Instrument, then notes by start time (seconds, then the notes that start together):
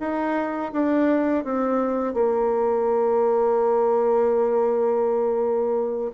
bassoon
0.00 D#4
0.73 D4
1.45 C4
2.14 A#3